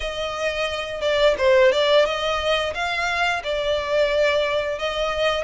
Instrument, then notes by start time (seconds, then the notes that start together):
violin
0.00 D#5
1.01 D5
1.38 C5
1.71 D5
2.05 D#5
2.74 F5
3.43 D5
4.79 D#5